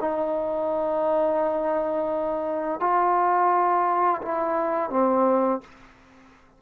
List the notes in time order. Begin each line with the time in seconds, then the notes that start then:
0.00 D#4
2.80 F4
4.22 E4
4.90 C4